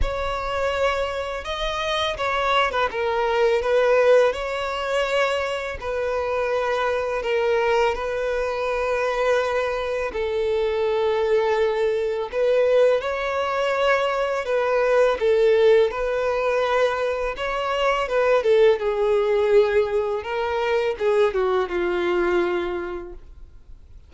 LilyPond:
\new Staff \with { instrumentName = "violin" } { \time 4/4 \tempo 4 = 83 cis''2 dis''4 cis''8. b'16 | ais'4 b'4 cis''2 | b'2 ais'4 b'4~ | b'2 a'2~ |
a'4 b'4 cis''2 | b'4 a'4 b'2 | cis''4 b'8 a'8 gis'2 | ais'4 gis'8 fis'8 f'2 | }